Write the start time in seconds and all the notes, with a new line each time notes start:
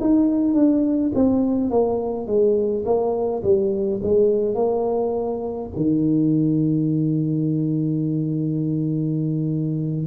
0.00 D#4
0.54 D4
1.14 C4
1.70 A#3
2.27 G#3
2.85 A#3
3.43 G3
4.03 G#3
4.55 A#3
5.75 D#3